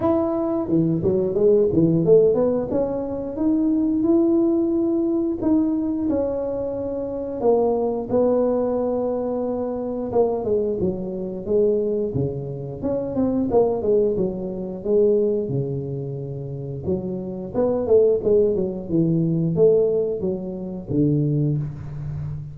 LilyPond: \new Staff \with { instrumentName = "tuba" } { \time 4/4 \tempo 4 = 89 e'4 e8 fis8 gis8 e8 a8 b8 | cis'4 dis'4 e'2 | dis'4 cis'2 ais4 | b2. ais8 gis8 |
fis4 gis4 cis4 cis'8 c'8 | ais8 gis8 fis4 gis4 cis4~ | cis4 fis4 b8 a8 gis8 fis8 | e4 a4 fis4 d4 | }